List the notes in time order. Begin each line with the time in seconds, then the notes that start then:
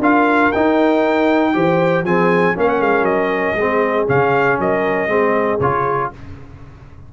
0.00 D4 F4 A#4 F5
0.53 D#4 G5
1.54 E3 G4 C5
2.04 F3 C4 G#4 G#5
2.55 A#3 C#4 A#4 F5
2.69 F#5
2.80 G#3 F5
3.02 F#3 D#5
3.55 G#3 C4 G#4
4.07 C#3 C#4 F5
4.59 F#3 A#4 D#5
5.08 G#3 C4 G#4
5.60 C#3 F4 C#5